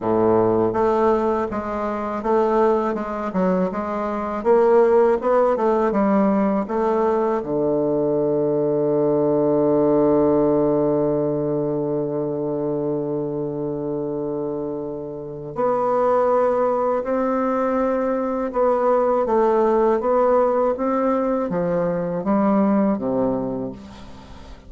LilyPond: \new Staff \with { instrumentName = "bassoon" } { \time 4/4 \tempo 4 = 81 a,4 a4 gis4 a4 | gis8 fis8 gis4 ais4 b8 a8 | g4 a4 d2~ | d1~ |
d1~ | d4 b2 c'4~ | c'4 b4 a4 b4 | c'4 f4 g4 c4 | }